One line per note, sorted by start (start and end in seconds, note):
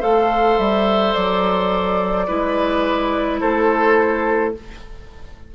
0.00 0.58 A3
0.00 2.27 A4
0.00 2.26 C5
0.00 0.58 F5
0.58 1.15 G3
0.58 1.14 E5
1.14 2.29 F#3
1.14 3.40 D5
2.27 3.41 G#3
2.27 4.54 E4
2.27 3.40 B4
3.40 4.54 A3
3.40 4.54 A4
3.40 4.53 C5